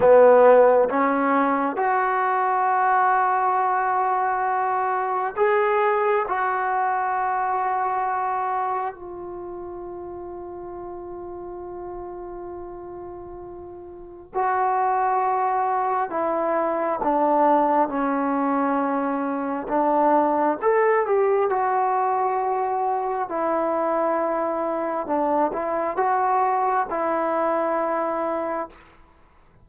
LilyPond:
\new Staff \with { instrumentName = "trombone" } { \time 4/4 \tempo 4 = 67 b4 cis'4 fis'2~ | fis'2 gis'4 fis'4~ | fis'2 f'2~ | f'1 |
fis'2 e'4 d'4 | cis'2 d'4 a'8 g'8 | fis'2 e'2 | d'8 e'8 fis'4 e'2 | }